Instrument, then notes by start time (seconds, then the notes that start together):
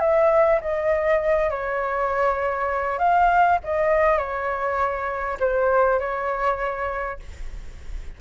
flute
0.00 E5
0.61 D#5
1.51 C#5
2.99 F5
3.64 D#5
4.18 C#5
5.40 C5
6.00 C#5